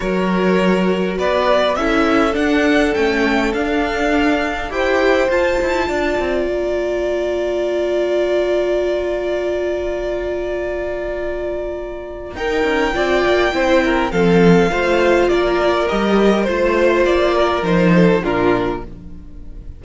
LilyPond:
<<
  \new Staff \with { instrumentName = "violin" } { \time 4/4 \tempo 4 = 102 cis''2 d''4 e''4 | fis''4 g''4 f''2 | g''4 a''2 ais''4~ | ais''1~ |
ais''1~ | ais''4 g''2. | f''2 d''4 dis''4 | c''4 d''4 c''4 ais'4 | }
  \new Staff \with { instrumentName = "violin" } { \time 4/4 ais'2 b'4 a'4~ | a'1 | c''2 d''2~ | d''1~ |
d''1~ | d''4 ais'4 d''4 c''8 ais'8 | a'4 c''4 ais'2 | c''4. ais'4 a'8 f'4 | }
  \new Staff \with { instrumentName = "viola" } { \time 4/4 fis'2. e'4 | d'4 cis'4 d'2 | g'4 f'2.~ | f'1~ |
f'1~ | f'4 dis'4 f'4 e'4 | c'4 f'2 g'4 | f'2 dis'4 d'4 | }
  \new Staff \with { instrumentName = "cello" } { \time 4/4 fis2 b4 cis'4 | d'4 a4 d'2 | e'4 f'8 e'8 d'8 c'8 ais4~ | ais1~ |
ais1~ | ais4 dis'8 cis'8 c'8 ais8 c'4 | f4 a4 ais4 g4 | a4 ais4 f4 ais,4 | }
>>